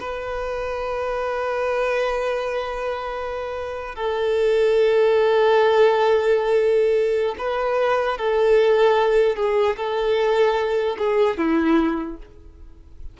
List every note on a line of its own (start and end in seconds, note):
0.00 3.95 B4
3.95 7.35 A4
7.38 8.18 B4
8.18 9.36 A4
9.36 9.76 G#4
9.77 10.97 A4
10.98 11.37 G#4
11.37 12.17 E4